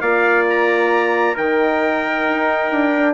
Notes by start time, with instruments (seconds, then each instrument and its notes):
0.00 bassoon A#3, horn F4, trumpet D5 F5
0.49 trumpet A#5
1.34 bassoon D#3, horn D#4, trumpet A#4 G5
2.28 bassoon D#4
2.71 bassoon D4
2.95 horn D4